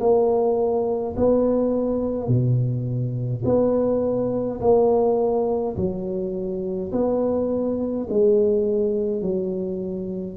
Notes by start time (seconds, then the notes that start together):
0.00 A#3
1.16 B3
2.28 B2
3.45 B3
4.61 A#3
5.76 F#3
6.92 B3
8.10 G#3
9.22 F#3